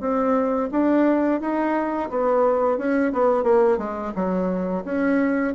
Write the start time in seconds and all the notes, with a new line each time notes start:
0.00 C4
0.71 D4
1.40 D#4
2.10 B3
2.78 C#4
3.13 B3
3.44 A#3
3.78 G#3
4.15 F#3
4.85 C#4